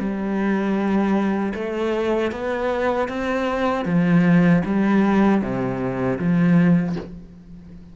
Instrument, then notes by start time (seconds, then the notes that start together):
cello
0.00 G3
1.55 A3
2.32 B3
3.09 C4
3.86 F3
4.66 G3
5.42 C3
6.19 F3